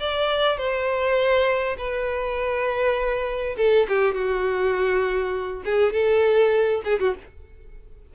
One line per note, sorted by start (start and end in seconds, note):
0.00 0.58 D5
0.58 1.77 C5
1.78 3.56 B4
3.57 3.87 A4
3.89 4.15 G4
4.15 5.63 F#4
5.65 5.93 G#4
5.93 6.82 A4
6.85 7.00 G#4
7.00 7.15 F#4